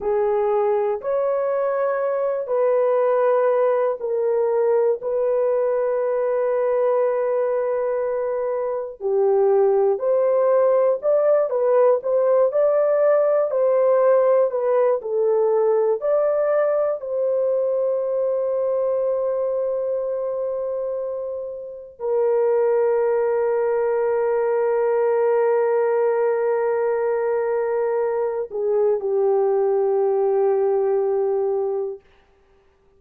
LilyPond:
\new Staff \with { instrumentName = "horn" } { \time 4/4 \tempo 4 = 60 gis'4 cis''4. b'4. | ais'4 b'2.~ | b'4 g'4 c''4 d''8 b'8 | c''8 d''4 c''4 b'8 a'4 |
d''4 c''2.~ | c''2 ais'2~ | ais'1~ | ais'8 gis'8 g'2. | }